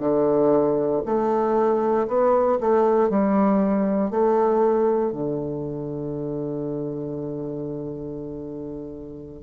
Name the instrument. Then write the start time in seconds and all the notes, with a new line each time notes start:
bassoon
0.00 D3
1.05 A3
2.08 B3
2.60 A3
3.09 G3
4.10 A3
5.12 D3